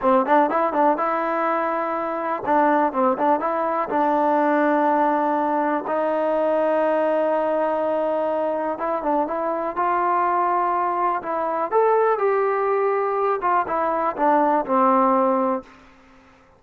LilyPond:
\new Staff \with { instrumentName = "trombone" } { \time 4/4 \tempo 4 = 123 c'8 d'8 e'8 d'8 e'2~ | e'4 d'4 c'8 d'8 e'4 | d'1 | dis'1~ |
dis'2 e'8 d'8 e'4 | f'2. e'4 | a'4 g'2~ g'8 f'8 | e'4 d'4 c'2 | }